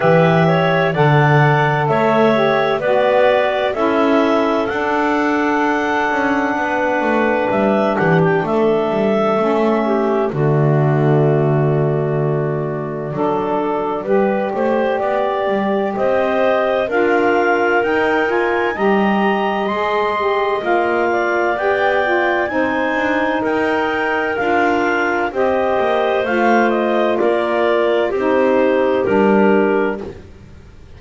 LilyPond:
<<
  \new Staff \with { instrumentName = "clarinet" } { \time 4/4 \tempo 4 = 64 e''4 fis''4 e''4 d''4 | e''4 fis''2. | e''8 fis''16 g''16 e''2 d''4~ | d''1~ |
d''4 dis''4 f''4 g''8 gis''8 | ais''4 c'''4 f''4 g''4 | gis''4 g''4 f''4 dis''4 | f''8 dis''8 d''4 c''4 ais'4 | }
  \new Staff \with { instrumentName = "clarinet" } { \time 4/4 b'8 cis''8 d''4 cis''4 b'4 | a'2. b'4~ | b'8 g'8 a'4. g'8 fis'4~ | fis'2 a'4 b'8 c''8 |
d''4 c''4 ais'2 | dis''2~ dis''8 d''4. | c''4 ais'2 c''4~ | c''4 ais'4 g'2 | }
  \new Staff \with { instrumentName = "saxophone" } { \time 4/4 g'4 a'4. g'8 fis'4 | e'4 d'2.~ | d'2 cis'4 a4~ | a2 d'4 g'4~ |
g'2 f'4 dis'8 f'8 | g'4 gis'8 g'8 f'4 g'8 f'8 | dis'2 f'4 g'4 | f'2 dis'4 d'4 | }
  \new Staff \with { instrumentName = "double bass" } { \time 4/4 e4 d4 a4 b4 | cis'4 d'4. cis'8 b8 a8 | g8 e8 a8 g8 a4 d4~ | d2 fis4 g8 a8 |
b8 g8 c'4 d'4 dis'4 | g4 gis4 ais4 b4 | c'8 d'8 dis'4 d'4 c'8 ais8 | a4 ais4 c'4 g4 | }
>>